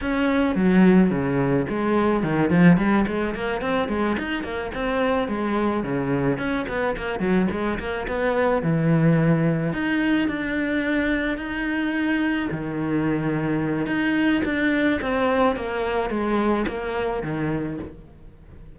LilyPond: \new Staff \with { instrumentName = "cello" } { \time 4/4 \tempo 4 = 108 cis'4 fis4 cis4 gis4 | dis8 f8 g8 gis8 ais8 c'8 gis8 dis'8 | ais8 c'4 gis4 cis4 cis'8 | b8 ais8 fis8 gis8 ais8 b4 e8~ |
e4. dis'4 d'4.~ | d'8 dis'2 dis4.~ | dis4 dis'4 d'4 c'4 | ais4 gis4 ais4 dis4 | }